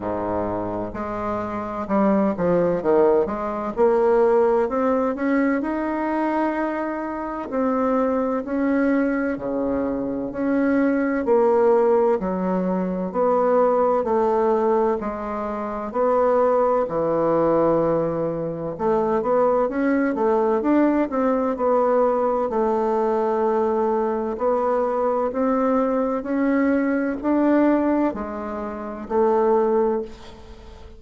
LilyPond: \new Staff \with { instrumentName = "bassoon" } { \time 4/4 \tempo 4 = 64 gis,4 gis4 g8 f8 dis8 gis8 | ais4 c'8 cis'8 dis'2 | c'4 cis'4 cis4 cis'4 | ais4 fis4 b4 a4 |
gis4 b4 e2 | a8 b8 cis'8 a8 d'8 c'8 b4 | a2 b4 c'4 | cis'4 d'4 gis4 a4 | }